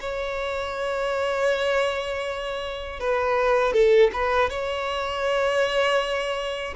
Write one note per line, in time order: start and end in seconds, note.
0.00 3.00 C#5
3.00 3.73 B4
3.73 4.10 A4
4.13 4.50 B4
4.50 6.75 C#5